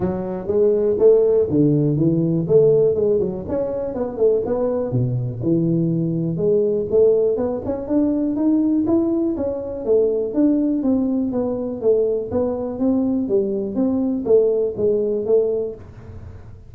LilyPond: \new Staff \with { instrumentName = "tuba" } { \time 4/4 \tempo 4 = 122 fis4 gis4 a4 d4 | e4 a4 gis8 fis8 cis'4 | b8 a8 b4 b,4 e4~ | e4 gis4 a4 b8 cis'8 |
d'4 dis'4 e'4 cis'4 | a4 d'4 c'4 b4 | a4 b4 c'4 g4 | c'4 a4 gis4 a4 | }